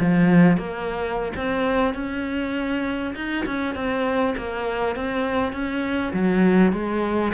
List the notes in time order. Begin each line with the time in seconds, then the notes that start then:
0.00 F3
0.58 A#3
1.37 C4
1.94 C#4
3.16 D#4
3.46 C#4
3.75 C4
4.38 A#3
4.96 C4
5.53 C#4
6.13 F#3
6.73 G#3